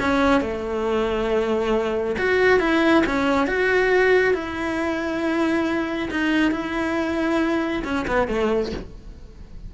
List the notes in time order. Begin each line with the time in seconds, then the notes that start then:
0.00 C#4
0.40 A3
2.18 F#4
2.60 E4
3.06 C#4
3.47 F#4
4.33 E4
6.10 D#4
6.51 E4
7.84 C#4
8.07 B3
8.28 A3